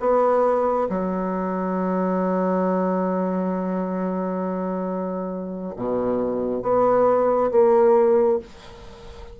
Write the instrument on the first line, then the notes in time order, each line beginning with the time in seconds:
bassoon
0.00 B3
0.90 F#3
5.76 B2
6.63 B3
7.52 A#3